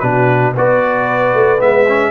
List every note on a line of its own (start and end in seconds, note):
0.00 0.55 B2
0.00 0.55 D4
0.00 0.54 F#4
0.00 0.53 B4
0.54 1.34 B3
0.54 1.59 F#4
0.54 2.11 B4
0.54 1.61 D5
1.34 1.60 A3
1.59 2.11 G#3
1.59 1.85 B3
1.59 2.11 E5
1.88 2.11 C#4